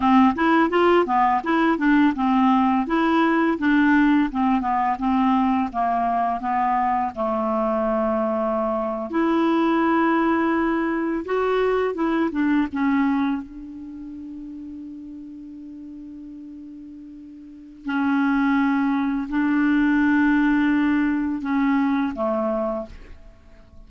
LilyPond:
\new Staff \with { instrumentName = "clarinet" } { \time 4/4 \tempo 4 = 84 c'8 e'8 f'8 b8 e'8 d'8 c'4 | e'4 d'4 c'8 b8 c'4 | ais4 b4 a2~ | a8. e'2. fis'16~ |
fis'8. e'8 d'8 cis'4 d'4~ d'16~ | d'1~ | d'4 cis'2 d'4~ | d'2 cis'4 a4 | }